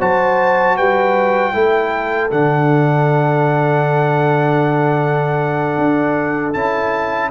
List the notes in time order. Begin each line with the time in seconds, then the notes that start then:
0.00 F#3 F#4 C5 A5
0.76 G3 B4 G5
1.53 A3 E4 A4
2.31 D3 D4 F#5
5.78 D4
6.53 C#4 E4 A5